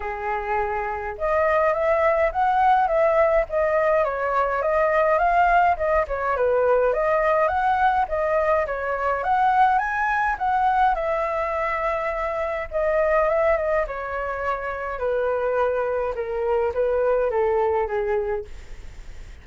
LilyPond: \new Staff \with { instrumentName = "flute" } { \time 4/4 \tempo 4 = 104 gis'2 dis''4 e''4 | fis''4 e''4 dis''4 cis''4 | dis''4 f''4 dis''8 cis''8 b'4 | dis''4 fis''4 dis''4 cis''4 |
fis''4 gis''4 fis''4 e''4~ | e''2 dis''4 e''8 dis''8 | cis''2 b'2 | ais'4 b'4 a'4 gis'4 | }